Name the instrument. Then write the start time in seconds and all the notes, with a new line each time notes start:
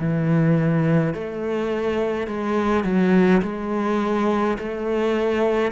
cello
0.00 E3
1.15 A3
2.28 G#3
2.84 F#3
3.42 G#3
4.59 A3